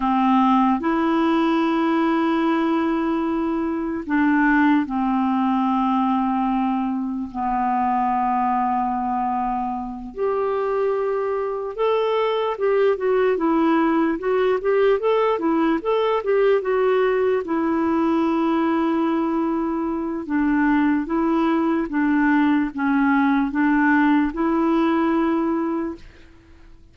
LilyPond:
\new Staff \with { instrumentName = "clarinet" } { \time 4/4 \tempo 4 = 74 c'4 e'2.~ | e'4 d'4 c'2~ | c'4 b2.~ | b8 g'2 a'4 g'8 |
fis'8 e'4 fis'8 g'8 a'8 e'8 a'8 | g'8 fis'4 e'2~ e'8~ | e'4 d'4 e'4 d'4 | cis'4 d'4 e'2 | }